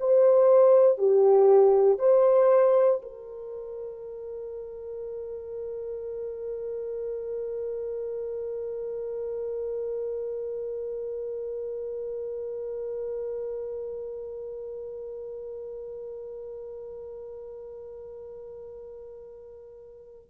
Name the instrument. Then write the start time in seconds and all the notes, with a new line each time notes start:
horn
0.00 C5
0.98 G4
1.99 C5
3.03 A#4